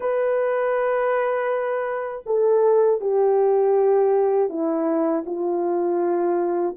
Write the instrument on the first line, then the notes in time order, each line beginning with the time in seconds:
horn
0.00 B4
2.26 A4
3.00 G4
4.49 E4
5.26 F4